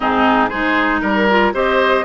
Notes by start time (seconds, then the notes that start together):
0.00 G#2 C4 D#4 G#4
0.48 G#3 D#4 G#4 C5
1.01 G3 A#4
1.29 F4
1.53 C4 G4 C5 D#5